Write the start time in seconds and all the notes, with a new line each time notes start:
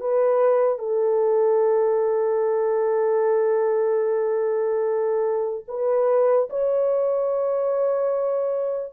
0.00 B4
0.78 A4
5.68 B4
6.49 C#5